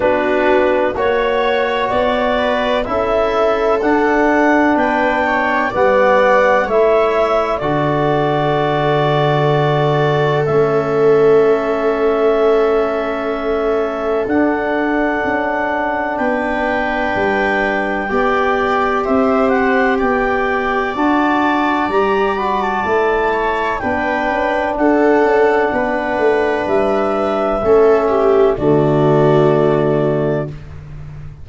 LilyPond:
<<
  \new Staff \with { instrumentName = "clarinet" } { \time 4/4 \tempo 4 = 63 b'4 cis''4 d''4 e''4 | fis''4 g''4 fis''4 e''4 | d''2. e''4~ | e''2. fis''4~ |
fis''4 g''2. | e''8 fis''8 g''4 a''4 ais''8 b''16 a''16~ | a''4 g''4 fis''2 | e''2 d''2 | }
  \new Staff \with { instrumentName = "viola" } { \time 4/4 fis'4 cis''4. b'8 a'4~ | a'4 b'8 cis''8 d''4 cis''4 | a'1~ | a'1~ |
a'4 b'2 d''4 | c''4 d''2.~ | d''8 cis''8 b'4 a'4 b'4~ | b'4 a'8 g'8 fis'2 | }
  \new Staff \with { instrumentName = "trombone" } { \time 4/4 d'4 fis'2 e'4 | d'2 b4 e'4 | fis'2. cis'4~ | cis'2. d'4~ |
d'2. g'4~ | g'2 fis'4 g'8 fis'8 | e'4 d'2.~ | d'4 cis'4 a2 | }
  \new Staff \with { instrumentName = "tuba" } { \time 4/4 b4 ais4 b4 cis'4 | d'4 b4 g4 a4 | d2. a4~ | a2. d'4 |
cis'4 b4 g4 b4 | c'4 b4 d'4 g4 | a4 b8 cis'8 d'8 cis'8 b8 a8 | g4 a4 d2 | }
>>